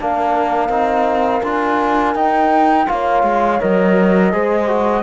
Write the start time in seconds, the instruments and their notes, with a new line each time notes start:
0.00 cello A#3, trombone D4, horn A#4, flute F5
0.69 cello C4, trombone D#4
1.43 cello D4, trombone F4, flute G#5
2.15 cello D#4, trombone D#4, flute G5
2.87 cello A#3, trombone F4, horn C#5, flute F5
3.23 cello G#3
3.60 cello F#3, trombone A#4, flute D#5
4.32 cello G#3, trombone G#4, horn C5
4.67 trombone F#4